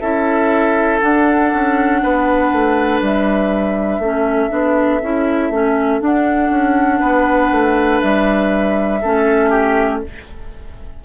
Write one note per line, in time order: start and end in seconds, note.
0.00 1.01 C#4
0.00 1.02 E4
0.00 2.01 A4
0.00 1.00 E5
1.01 4.02 D4
1.01 1.53 D4
1.01 3.01 F#5
1.53 2.03 C#4
2.04 2.53 B3
2.04 4.01 B4
2.53 3.01 A3
3.01 3.99 G3
3.01 6.01 E5
3.99 4.49 A3
3.99 4.50 C#4
3.99 6.99 A4
4.50 5.02 B3
4.50 5.00 D4
5.02 5.51 C#4
5.02 5.53 E4
5.51 6.01 A3
5.51 6.01 C#4
6.01 9.01 D4
6.01 6.51 D4
6.01 8.01 F#5
6.51 7.01 C#4
6.99 7.51 B3
6.99 8.99 B4
7.52 8.02 A3
8.01 9.03 G3
8.01 10.01 E5
9.02 10.04 A3
9.02 10.05 C#4
9.02 9.50 A4
9.50 10.00 G4